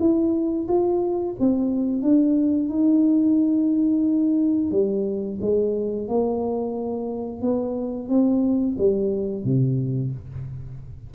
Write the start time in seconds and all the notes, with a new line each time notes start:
0.00 E4
0.68 F4
1.40 C4
2.03 D4
2.70 D#4
4.72 G3
5.42 G#3
6.09 A#3
7.42 B3
8.09 C4
8.78 G3
9.44 C3